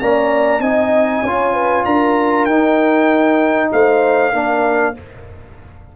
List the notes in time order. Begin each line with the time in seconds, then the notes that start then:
0.00 A#3 C#4 D5 A#5
0.60 C4 D#4 D#5 G#5
1.23 C#4 F4 C#5
1.54 B4
1.85 D4 A#4 A#5
2.46 D#4 G5
3.73 A3 C5 F5
4.33 A#3 D4 A#4